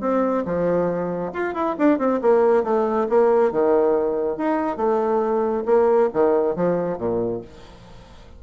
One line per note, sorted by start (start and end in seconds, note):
0.00 0.43 C4
0.45 1.32 F3
1.33 1.54 F4
1.54 1.75 E4
1.78 1.98 D4
1.98 2.20 C4
2.21 2.63 A#3
2.63 3.07 A3
3.09 3.51 A#3
3.51 4.37 D#3
4.37 4.76 D#4
4.76 5.63 A3
5.65 6.09 A#3
6.13 6.55 D#3
6.55 6.97 F3
6.97 7.41 A#2